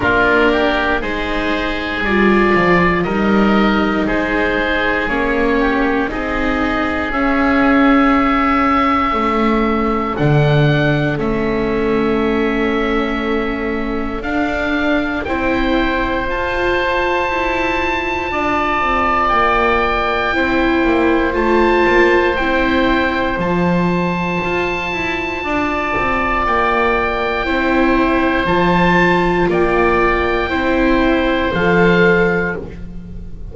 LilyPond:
<<
  \new Staff \with { instrumentName = "oboe" } { \time 4/4 \tempo 4 = 59 ais'4 c''4 d''4 dis''4 | c''4 cis''4 dis''4 e''4~ | e''2 fis''4 e''4~ | e''2 f''4 g''4 |
a''2. g''4~ | g''4 a''4 g''4 a''4~ | a''2 g''2 | a''4 g''2 f''4 | }
  \new Staff \with { instrumentName = "oboe" } { \time 4/4 f'8 g'8 gis'2 ais'4 | gis'4. g'8 gis'2~ | gis'4 a'2.~ | a'2. c''4~ |
c''2 d''2 | c''1~ | c''4 d''2 c''4~ | c''4 d''4 c''2 | }
  \new Staff \with { instrumentName = "viola" } { \time 4/4 d'4 dis'4 f'4 dis'4~ | dis'4 cis'4 dis'4 cis'4~ | cis'2 d'4 cis'4~ | cis'2 d'4 e'4 |
f'1 | e'4 f'4 e'4 f'4~ | f'2. e'4 | f'2 e'4 a'4 | }
  \new Staff \with { instrumentName = "double bass" } { \time 4/4 ais4 gis4 g8 f8 g4 | gis4 ais4 c'4 cis'4~ | cis'4 a4 d4 a4~ | a2 d'4 c'4 |
f'4 e'4 d'8 c'8 ais4 | c'8 ais8 a8 ais8 c'4 f4 | f'8 e'8 d'8 c'8 ais4 c'4 | f4 ais4 c'4 f4 | }
>>